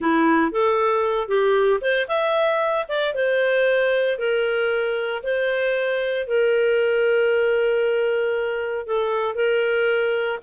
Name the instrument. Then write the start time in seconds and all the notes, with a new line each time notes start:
clarinet
0.00 E4
0.51 A4
1.28 G4
1.81 C5
2.08 E5
2.88 D5
3.14 C5
4.18 A#4
5.23 C5
6.27 A#4
8.86 A4
9.34 A#4